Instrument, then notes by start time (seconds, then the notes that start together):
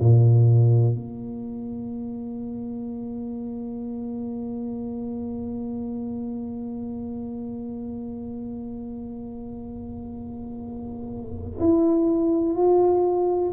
tuba
0.00 A#2
0.95 A#3
11.60 E4
12.56 F4